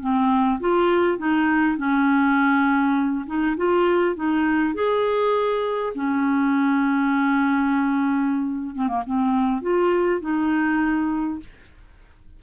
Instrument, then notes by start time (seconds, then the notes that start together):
clarinet
0.00 C4
0.60 F4
1.18 D#4
1.77 C#4
3.26 D#4
3.57 F4
4.16 D#4
4.74 G#4
5.95 C#4
8.75 C4
8.88 A#3
9.06 C4
9.62 F4
10.21 D#4